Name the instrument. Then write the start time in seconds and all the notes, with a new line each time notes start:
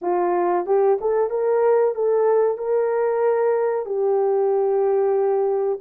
horn
0.01 F4
0.66 G4
1.00 A4
1.30 A#4
1.94 A4
2.57 A#4
3.85 G4